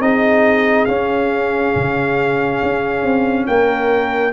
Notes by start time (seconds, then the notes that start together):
0.00 C4 D#4 G#4 D#5
0.86 C#4 F5
1.76 C#3
2.63 C#4
3.03 C4
3.47 A#3 A#4 G5